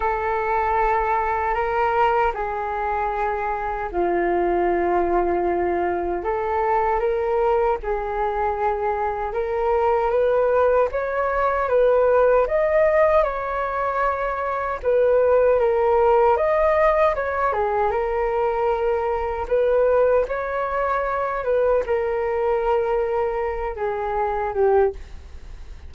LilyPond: \new Staff \with { instrumentName = "flute" } { \time 4/4 \tempo 4 = 77 a'2 ais'4 gis'4~ | gis'4 f'2. | a'4 ais'4 gis'2 | ais'4 b'4 cis''4 b'4 |
dis''4 cis''2 b'4 | ais'4 dis''4 cis''8 gis'8 ais'4~ | ais'4 b'4 cis''4. b'8 | ais'2~ ais'8 gis'4 g'8 | }